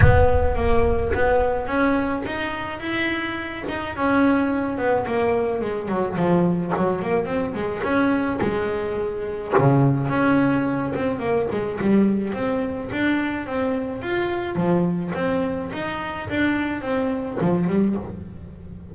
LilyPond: \new Staff \with { instrumentName = "double bass" } { \time 4/4 \tempo 4 = 107 b4 ais4 b4 cis'4 | dis'4 e'4. dis'8 cis'4~ | cis'8 b8 ais4 gis8 fis8 f4 | fis8 ais8 c'8 gis8 cis'4 gis4~ |
gis4 cis4 cis'4. c'8 | ais8 gis8 g4 c'4 d'4 | c'4 f'4 f4 c'4 | dis'4 d'4 c'4 f8 g8 | }